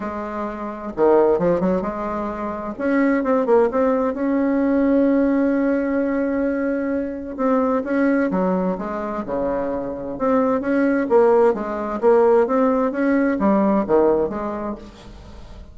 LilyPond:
\new Staff \with { instrumentName = "bassoon" } { \time 4/4 \tempo 4 = 130 gis2 dis4 f8 fis8 | gis2 cis'4 c'8 ais8 | c'4 cis'2.~ | cis'1 |
c'4 cis'4 fis4 gis4 | cis2 c'4 cis'4 | ais4 gis4 ais4 c'4 | cis'4 g4 dis4 gis4 | }